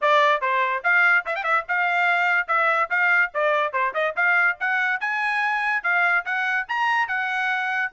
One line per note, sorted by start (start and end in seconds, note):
0.01 0.41 D5
0.41 0.82 C5
0.83 1.25 F5
1.25 1.35 E5
1.35 1.43 G5
1.43 1.64 E5
1.68 2.47 F5
2.47 2.89 E5
2.90 3.31 F5
3.34 3.72 D5
3.72 3.93 C5
3.94 4.15 D#5
4.16 4.57 F5
4.60 5.00 F#5
5.00 5.83 G#5
5.83 6.24 F5
6.25 6.67 F#5
6.68 7.08 A#5
7.08 7.91 F#5